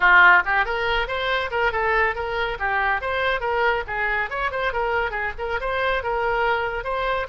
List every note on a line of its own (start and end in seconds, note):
0.00 0.42 F4
0.45 0.65 G4
0.65 1.07 A#4
1.07 1.50 C5
1.51 1.72 A#4
1.72 2.15 A4
2.15 2.58 A#4
2.59 3.01 G4
3.01 3.40 C5
3.40 3.83 A#4
3.87 4.30 G#4
4.30 4.51 C#5
4.51 4.72 C5
4.72 5.10 A#4
5.10 5.32 G#4
5.38 5.59 A#4
5.60 6.03 C5
6.03 6.84 A#4
6.84 7.26 C5